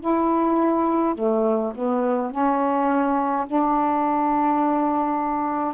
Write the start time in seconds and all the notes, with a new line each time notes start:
0.00 E4
1.14 A3
1.75 B3
2.31 C#4
3.46 D4